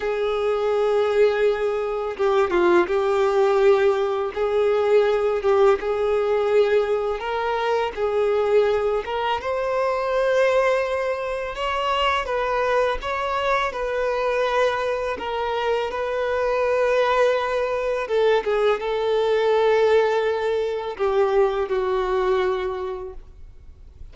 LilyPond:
\new Staff \with { instrumentName = "violin" } { \time 4/4 \tempo 4 = 83 gis'2. g'8 f'8 | g'2 gis'4. g'8 | gis'2 ais'4 gis'4~ | gis'8 ais'8 c''2. |
cis''4 b'4 cis''4 b'4~ | b'4 ais'4 b'2~ | b'4 a'8 gis'8 a'2~ | a'4 g'4 fis'2 | }